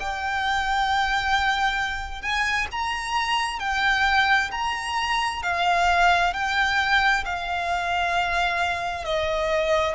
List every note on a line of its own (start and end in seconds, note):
0.00 2.22 G5
2.22 2.67 G#5
2.71 3.60 A#5
3.60 4.51 G5
4.52 5.43 A#5
5.43 6.33 F5
6.33 7.24 G5
7.25 9.05 F5
9.05 9.95 D#5